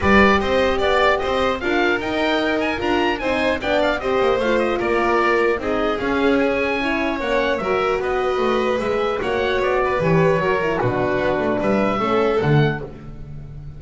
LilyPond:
<<
  \new Staff \with { instrumentName = "oboe" } { \time 4/4 \tempo 4 = 150 d''4 dis''4 d''4 dis''4 | f''4 g''4. gis''8 ais''4 | gis''4 g''8 f''8 dis''4 f''8 dis''8 | d''2 dis''4 f''4 |
gis''2 fis''4 e''4 | dis''2 e''4 fis''4 | d''4 cis''2 b'4~ | b'4 e''2 fis''4 | }
  \new Staff \with { instrumentName = "violin" } { \time 4/4 b'4 c''4 d''4 c''4 | ais'1 | c''4 d''4 c''2 | ais'2 gis'2~ |
gis'4 cis''2 ais'4 | b'2. cis''4~ | cis''8 b'4. ais'4 fis'4~ | fis'4 b'4 a'2 | }
  \new Staff \with { instrumentName = "horn" } { \time 4/4 g'1 | f'4 dis'2 f'4 | dis'4 d'4 g'4 f'4~ | f'2 dis'4 cis'4~ |
cis'4 e'4 cis'4 fis'4~ | fis'2 gis'4 fis'4~ | fis'4 g'4 fis'8 e'8 d'4~ | d'2 cis'4 a4 | }
  \new Staff \with { instrumentName = "double bass" } { \time 4/4 g4 c'4 b4 c'4 | d'4 dis'2 d'4 | c'4 b4 c'8 ais8 a4 | ais2 c'4 cis'4~ |
cis'2 ais4 fis4 | b4 a4 gis4 ais4 | b4 e4 fis4 b,4 | b8 a8 g4 a4 d4 | }
>>